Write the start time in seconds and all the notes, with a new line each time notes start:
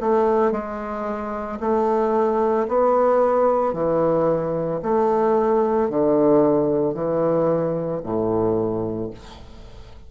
0.00 A3
0.52 G#3
1.60 A3
2.68 B3
3.73 E3
4.82 A3
5.90 D3
6.94 E3
8.03 A2